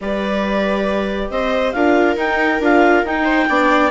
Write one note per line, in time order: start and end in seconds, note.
0.00 1.30 G3
0.00 1.74 G4
0.00 1.32 B4
0.00 1.30 D5
1.30 1.73 C4
1.30 1.75 C5
1.30 1.72 D#5
1.72 2.16 D4
1.72 2.16 F4
1.72 3.23 A#4
1.72 2.15 F5
2.16 2.59 D#4
2.16 2.60 D#4
2.16 2.62 G5
2.59 3.03 D4
2.59 3.06 F4
2.59 3.06 F5
3.04 3.47 D#4
3.04 3.49 D#4
3.04 3.90 G5
3.23 3.45 C5
3.48 3.90 B3
3.48 3.90 D4
3.48 3.90 D5